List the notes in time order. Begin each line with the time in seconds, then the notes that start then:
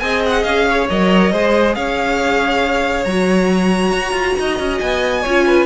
0.00 C4 G#4 D#5 G#5
0.26 F#5
0.44 C#4 F5
0.70 C#5
0.90 F#3 A#4 D#5
1.32 G#3 G#4 C5
1.75 C#4 C#5 F5
3.05 F#3 F#4 A#5
3.92 F#4
4.12 F4
4.39 D#4 D#5
4.59 C#4
4.79 B3 G#5
5.22 C#4 F4 C#5
5.46 B4